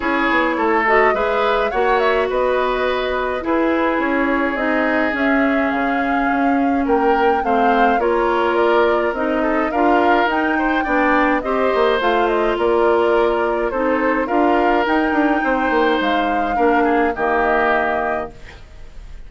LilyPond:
<<
  \new Staff \with { instrumentName = "flute" } { \time 4/4 \tempo 4 = 105 cis''4. dis''8 e''4 fis''8 e''8 | dis''2 b'4 cis''4 | dis''4 e''4 f''2 | g''4 f''4 cis''4 d''4 |
dis''4 f''4 g''2 | dis''4 f''8 dis''8 d''2 | c''4 f''4 g''2 | f''2 dis''2 | }
  \new Staff \with { instrumentName = "oboe" } { \time 4/4 gis'4 a'4 b'4 cis''4 | b'2 gis'2~ | gis'1 | ais'4 c''4 ais'2~ |
ais'8 a'8 ais'4. c''8 d''4 | c''2 ais'2 | a'4 ais'2 c''4~ | c''4 ais'8 gis'8 g'2 | }
  \new Staff \with { instrumentName = "clarinet" } { \time 4/4 e'4. fis'8 gis'4 fis'4~ | fis'2 e'2 | dis'4 cis'2.~ | cis'4 c'4 f'2 |
dis'4 f'4 dis'4 d'4 | g'4 f'2. | dis'4 f'4 dis'2~ | dis'4 d'4 ais2 | }
  \new Staff \with { instrumentName = "bassoon" } { \time 4/4 cis'8 b8 a4 gis4 ais4 | b2 e'4 cis'4 | c'4 cis'4 cis4 cis'4 | ais4 a4 ais2 |
c'4 d'4 dis'4 b4 | c'8 ais8 a4 ais2 | c'4 d'4 dis'8 d'8 c'8 ais8 | gis4 ais4 dis2 | }
>>